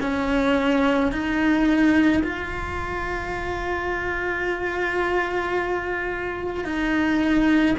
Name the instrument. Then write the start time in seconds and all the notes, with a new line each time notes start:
cello
0.00 C#4
1.11 D#4
2.23 F4
6.64 D#4